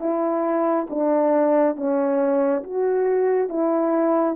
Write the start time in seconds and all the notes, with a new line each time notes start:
0.00 E4
0.90 D4
1.77 C#4
2.64 F#4
3.49 E4